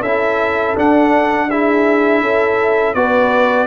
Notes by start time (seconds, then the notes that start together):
0.00 C#4 E4 A4 E5
0.76 D4 F#5
1.49 E4 G#4 E5
2.22 C#4 A4
2.94 B3 F#4 B4 D5